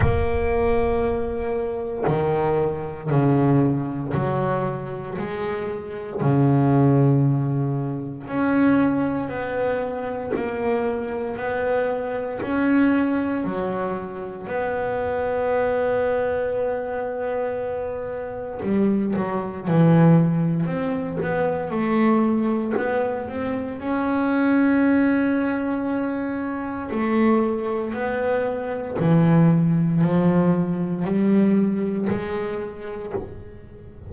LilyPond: \new Staff \with { instrumentName = "double bass" } { \time 4/4 \tempo 4 = 58 ais2 dis4 cis4 | fis4 gis4 cis2 | cis'4 b4 ais4 b4 | cis'4 fis4 b2~ |
b2 g8 fis8 e4 | c'8 b8 a4 b8 c'8 cis'4~ | cis'2 a4 b4 | e4 f4 g4 gis4 | }